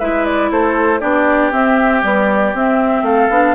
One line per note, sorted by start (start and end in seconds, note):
0.00 0.51 G#3
0.00 1.01 E4
0.00 0.51 B4
0.00 0.26 E5
0.26 0.51 D5
0.51 1.02 A3
0.51 1.00 A4
0.51 1.01 C5
1.00 1.53 B3
1.00 1.52 D4
1.00 3.04 G4
1.00 1.51 D5
1.52 2.02 C4
1.52 2.04 C4
1.52 2.04 E5
2.02 2.53 G3
2.02 2.54 B3
2.02 2.55 D5
2.54 3.03 C4
2.54 3.32 C4
2.54 3.06 E5
3.03 3.28 A3
3.03 3.55 A4
3.03 3.55 F5
3.30 3.55 B3
3.30 3.55 D4